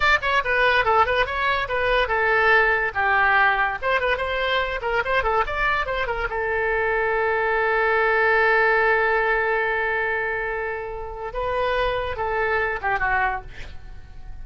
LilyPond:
\new Staff \with { instrumentName = "oboe" } { \time 4/4 \tempo 4 = 143 d''8 cis''8 b'4 a'8 b'8 cis''4 | b'4 a'2 g'4~ | g'4 c''8 b'8 c''4. ais'8 | c''8 a'8 d''4 c''8 ais'8 a'4~ |
a'1~ | a'1~ | a'2. b'4~ | b'4 a'4. g'8 fis'4 | }